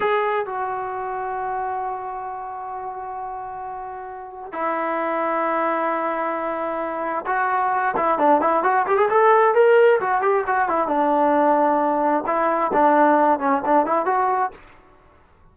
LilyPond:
\new Staff \with { instrumentName = "trombone" } { \time 4/4 \tempo 4 = 132 gis'4 fis'2.~ | fis'1~ | fis'2 e'2~ | e'1 |
fis'4. e'8 d'8 e'8 fis'8 g'16 gis'16 | a'4 ais'4 fis'8 g'8 fis'8 e'8 | d'2. e'4 | d'4. cis'8 d'8 e'8 fis'4 | }